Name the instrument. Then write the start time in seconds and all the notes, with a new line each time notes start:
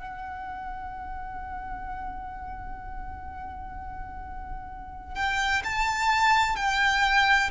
violin
0.00 F#5
5.16 G5
5.64 A5
6.57 G5